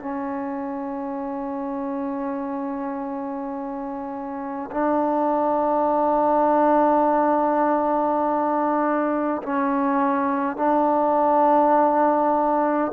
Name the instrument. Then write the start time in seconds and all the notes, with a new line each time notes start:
trombone
0.00 C#4
4.72 D4
9.43 C#4
10.57 D4